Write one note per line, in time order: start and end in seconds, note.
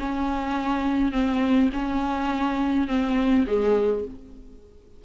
0.00 1.12 C#4
1.12 1.70 C4
1.73 2.88 C#4
2.88 3.46 C4
3.47 4.05 G#3